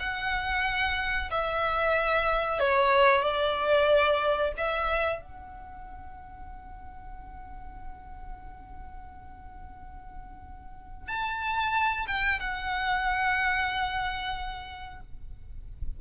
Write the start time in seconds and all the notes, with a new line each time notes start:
0.00 F#5
1.31 E5
2.60 C#5
3.22 D5
4.58 E5
5.22 F#5
11.08 A5
12.08 G5
12.40 F#5